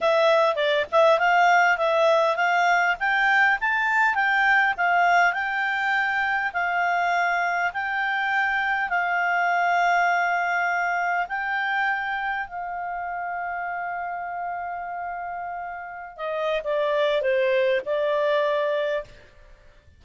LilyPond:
\new Staff \with { instrumentName = "clarinet" } { \time 4/4 \tempo 4 = 101 e''4 d''8 e''8 f''4 e''4 | f''4 g''4 a''4 g''4 | f''4 g''2 f''4~ | f''4 g''2 f''4~ |
f''2. g''4~ | g''4 f''2.~ | f''2.~ f''16 dis''8. | d''4 c''4 d''2 | }